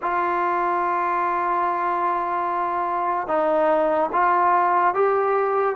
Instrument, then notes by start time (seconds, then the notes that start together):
trombone
0.02 F4
3.27 D#4
4.12 F4
4.94 G4